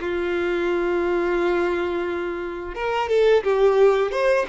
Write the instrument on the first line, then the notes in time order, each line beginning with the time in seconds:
violin
0.00 F4
2.74 A#4
3.08 A4
3.43 G4
4.11 C5